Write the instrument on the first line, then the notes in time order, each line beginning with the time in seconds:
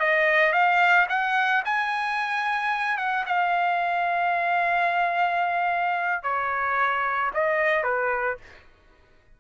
trumpet
0.00 D#5
0.53 F5
1.09 F#5
1.65 G#5
2.98 F#5
3.26 F5
6.23 C#5
7.34 D#5
7.84 B4